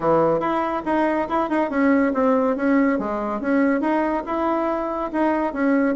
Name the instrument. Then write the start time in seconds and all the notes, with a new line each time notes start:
bassoon
0.00 E3
0.39 E4
0.85 D#4
1.28 E4
1.49 D#4
1.70 C#4
2.13 C4
2.56 C#4
2.98 G#3
3.40 C#4
3.80 D#4
4.26 E4
5.12 D#4
5.53 C#4